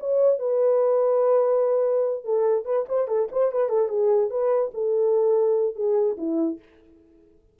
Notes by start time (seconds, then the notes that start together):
0.00 C#5
0.39 B4
2.24 A4
2.65 B4
2.89 C5
3.08 A4
3.32 C5
3.52 B4
3.69 A4
3.89 G#4
4.30 B4
4.74 A4
5.76 G#4
6.18 E4